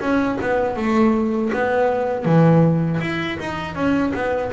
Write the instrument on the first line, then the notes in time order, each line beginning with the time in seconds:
double bass
0.00 C#4
0.41 B3
0.76 A3
1.53 B3
2.25 E3
3.00 E4
3.39 D#4
3.75 C#4
4.14 B3